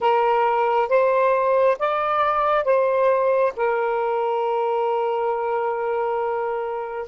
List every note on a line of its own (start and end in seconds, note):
0.00 0.88 A#4
0.88 1.76 C5
1.78 2.64 D5
2.64 3.52 C5
3.56 7.08 A#4